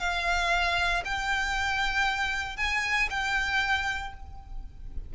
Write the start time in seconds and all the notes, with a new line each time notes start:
0.00 F5
1.05 G5
2.57 G#5
3.10 G5